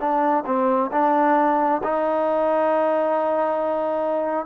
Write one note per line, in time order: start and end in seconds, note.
0.00 0.45 D4
0.46 0.91 C4
0.92 1.82 D4
1.84 4.47 D#4